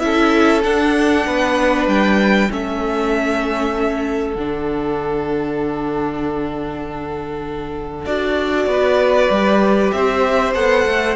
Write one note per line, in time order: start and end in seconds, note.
0.00 0.64 C#4
0.00 0.62 E4
0.00 1.27 A4
0.00 0.62 E5
0.63 2.49 D4
0.63 1.26 D4
0.63 1.88 F#5
1.27 1.87 B3
1.27 2.50 B4
1.87 2.49 G3
1.87 2.51 G5
2.50 4.36 A3
2.50 4.36 C#4
2.50 8.69 A4
2.50 4.35 E5
4.35 8.06 D3
4.35 8.07 D4
4.35 8.06 F#5
8.06 8.67 D4
8.06 9.31 F#4
8.06 9.91 D5
8.67 9.28 B3
8.67 9.94 B4
9.31 9.92 G3
9.31 10.55 G4
9.92 10.55 C4
9.92 11.16 C5
9.92 10.54 E5
10.55 10.86 B3
10.55 11.16 A4
10.55 11.16 F#5
10.86 11.16 A3